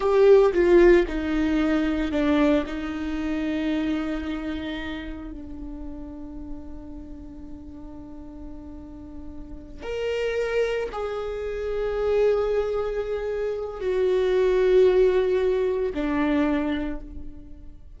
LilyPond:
\new Staff \with { instrumentName = "viola" } { \time 4/4 \tempo 4 = 113 g'4 f'4 dis'2 | d'4 dis'2.~ | dis'2 d'2~ | d'1~ |
d'2~ d'8 ais'4.~ | ais'8 gis'2.~ gis'8~ | gis'2 fis'2~ | fis'2 d'2 | }